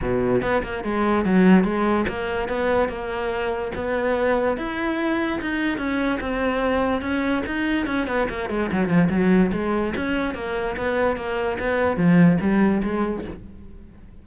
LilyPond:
\new Staff \with { instrumentName = "cello" } { \time 4/4 \tempo 4 = 145 b,4 b8 ais8 gis4 fis4 | gis4 ais4 b4 ais4~ | ais4 b2 e'4~ | e'4 dis'4 cis'4 c'4~ |
c'4 cis'4 dis'4 cis'8 b8 | ais8 gis8 fis8 f8 fis4 gis4 | cis'4 ais4 b4 ais4 | b4 f4 g4 gis4 | }